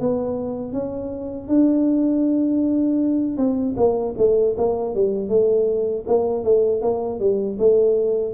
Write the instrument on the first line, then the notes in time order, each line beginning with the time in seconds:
tuba
0.00 B3
0.73 C#4
1.48 D4
3.37 C4
3.77 A#3
4.17 A3
4.57 A#3
4.94 G3
5.29 A3
6.07 A#3
6.43 A3
6.81 A#3
7.19 G3
7.59 A3